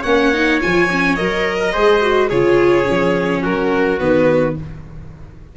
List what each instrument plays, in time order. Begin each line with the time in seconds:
0.00 tuba A#3, viola C#4, trumpet C#5, violin F#5
0.33 viola D#4
0.61 tuba F3, viola F4, violin G#5
0.90 viola C#4
1.15 tuba F#3, viola A#4, violin D#5
1.59 trumpet A#4
1.73 tuba G#3, viola G#4, trumpet C5
2.01 viola F#4
2.29 tuba C#3, viola F4, trumpet G#4, violin C#5
2.84 tuba F3, viola C#4
3.42 tuba F#3, trumpet F#4, violin A#4
3.99 tuba D#3, viola B3, violin B4